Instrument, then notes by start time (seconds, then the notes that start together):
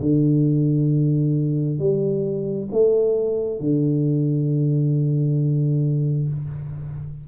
tuba
0.00 D3
1.79 G3
2.72 A3
3.59 D3